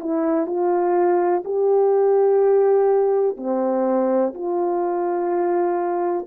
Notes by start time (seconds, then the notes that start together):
0.00 E4
0.47 F4
1.45 G4
3.37 C4
4.35 F4